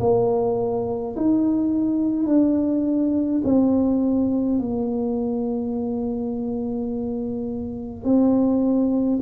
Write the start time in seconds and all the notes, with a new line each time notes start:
0.00 A#3
1.16 D#4
2.26 D4
3.44 C4
4.59 A#3
8.04 C4